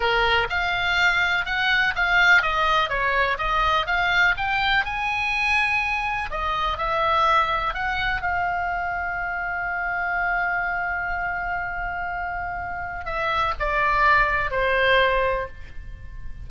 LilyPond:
\new Staff \with { instrumentName = "oboe" } { \time 4/4 \tempo 4 = 124 ais'4 f''2 fis''4 | f''4 dis''4 cis''4 dis''4 | f''4 g''4 gis''2~ | gis''4 dis''4 e''2 |
fis''4 f''2.~ | f''1~ | f''2. e''4 | d''2 c''2 | }